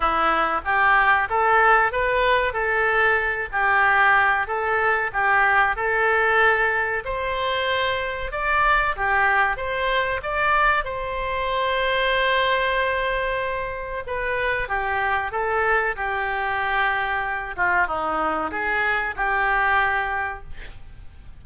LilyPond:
\new Staff \with { instrumentName = "oboe" } { \time 4/4 \tempo 4 = 94 e'4 g'4 a'4 b'4 | a'4. g'4. a'4 | g'4 a'2 c''4~ | c''4 d''4 g'4 c''4 |
d''4 c''2.~ | c''2 b'4 g'4 | a'4 g'2~ g'8 f'8 | dis'4 gis'4 g'2 | }